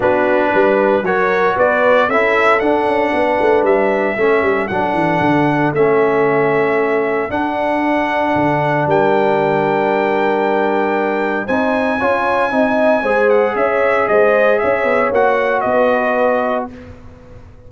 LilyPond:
<<
  \new Staff \with { instrumentName = "trumpet" } { \time 4/4 \tempo 4 = 115 b'2 cis''4 d''4 | e''4 fis''2 e''4~ | e''4 fis''2 e''4~ | e''2 fis''2~ |
fis''4 g''2.~ | g''2 gis''2~ | gis''4. fis''8 e''4 dis''4 | e''4 fis''4 dis''2 | }
  \new Staff \with { instrumentName = "horn" } { \time 4/4 fis'4 b'4 ais'4 b'4 | a'2 b'2 | a'1~ | a'1~ |
a'4 ais'2.~ | ais'2 c''4 cis''4 | dis''4 c''4 cis''4 c''4 | cis''2 b'2 | }
  \new Staff \with { instrumentName = "trombone" } { \time 4/4 d'2 fis'2 | e'4 d'2. | cis'4 d'2 cis'4~ | cis'2 d'2~ |
d'1~ | d'2 dis'4 f'4 | dis'4 gis'2.~ | gis'4 fis'2. | }
  \new Staff \with { instrumentName = "tuba" } { \time 4/4 b4 g4 fis4 b4 | cis'4 d'8 cis'8 b8 a8 g4 | a8 g8 fis8 e8 d4 a4~ | a2 d'2 |
d4 g2.~ | g2 c'4 cis'4 | c'4 gis4 cis'4 gis4 | cis'8 b8 ais4 b2 | }
>>